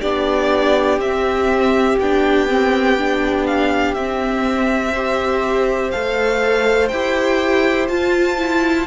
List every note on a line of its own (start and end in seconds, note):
0.00 0.98 B3
0.00 1.00 D4
0.00 4.92 G4
0.00 0.99 D5
0.98 1.97 C4
0.98 1.99 C4
0.98 1.99 E5
1.99 3.95 B3
1.99 2.48 D4
1.99 3.46 G5
2.48 2.98 C4
2.98 3.96 D4
3.46 3.94 F5
3.94 5.92 C4
3.94 4.95 C4
3.94 5.91 E5
4.94 5.93 G4
4.94 8.87 C5
5.91 6.91 A3
5.91 6.91 A4
5.91 6.88 F5
6.88 7.89 E4
6.88 7.90 G4
6.88 7.86 G5
7.88 8.87 F4
7.88 8.38 F4
7.88 8.87 A5
8.38 8.87 E4